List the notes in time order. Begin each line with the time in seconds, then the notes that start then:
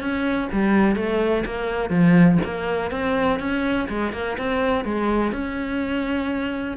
0.00 C#4
0.52 G3
0.95 A3
1.45 A#3
1.90 F3
2.45 A#3
2.91 C4
3.39 C#4
3.89 G#3
4.13 A#3
4.37 C4
4.85 G#3
5.32 C#4